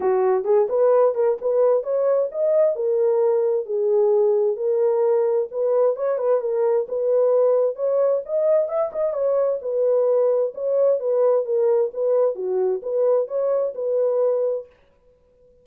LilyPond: \new Staff \with { instrumentName = "horn" } { \time 4/4 \tempo 4 = 131 fis'4 gis'8 b'4 ais'8 b'4 | cis''4 dis''4 ais'2 | gis'2 ais'2 | b'4 cis''8 b'8 ais'4 b'4~ |
b'4 cis''4 dis''4 e''8 dis''8 | cis''4 b'2 cis''4 | b'4 ais'4 b'4 fis'4 | b'4 cis''4 b'2 | }